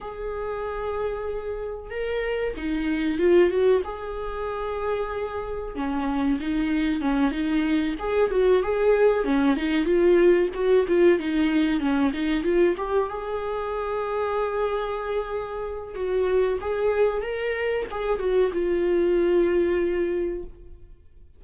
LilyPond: \new Staff \with { instrumentName = "viola" } { \time 4/4 \tempo 4 = 94 gis'2. ais'4 | dis'4 f'8 fis'8 gis'2~ | gis'4 cis'4 dis'4 cis'8 dis'8~ | dis'8 gis'8 fis'8 gis'4 cis'8 dis'8 f'8~ |
f'8 fis'8 f'8 dis'4 cis'8 dis'8 f'8 | g'8 gis'2.~ gis'8~ | gis'4 fis'4 gis'4 ais'4 | gis'8 fis'8 f'2. | }